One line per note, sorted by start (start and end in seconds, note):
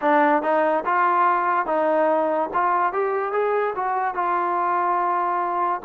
0.01 0.42 D4
0.42 0.84 D#4
0.85 1.66 F4
1.66 2.49 D#4
2.53 2.92 F4
2.92 3.32 G4
3.32 3.74 G#4
3.75 4.14 F#4
4.14 5.81 F4